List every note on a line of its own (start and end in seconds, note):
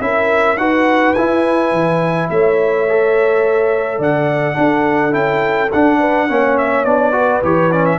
0.00 0.56 C#4
0.00 0.57 E4
0.00 0.59 A#4
0.00 0.57 E5
0.56 1.13 D#4
0.56 1.15 F#4
0.56 2.30 B4
0.56 1.13 F#5
1.13 1.72 E4
1.13 2.88 E4
1.13 2.27 G#5
1.72 2.29 E3
2.30 3.98 A3
2.30 3.99 C#5
2.30 4.01 E5
2.88 4.54 A4
3.98 4.55 D3
3.98 4.56 D5
3.98 5.13 F#5
4.54 5.10 D4
4.54 5.14 D4
4.54 5.99 A4
5.10 5.71 C#4
5.10 5.68 E4
5.10 5.70 G5
5.72 6.29 D4
5.72 6.28 D4
5.72 6.57 F#5
5.99 6.27 B4
6.28 6.85 A#3
6.28 6.85 C#4
6.28 7.14 C#5
6.57 6.84 E5
6.84 7.42 B3
6.84 7.12 D4
6.84 7.41 D5
7.12 7.40 F#4
7.12 7.98 B4
7.42 7.98 E3
7.42 7.71 G4
7.42 7.71 C#5
7.71 7.98 C#4
7.71 7.85 D5
7.85 7.98 E5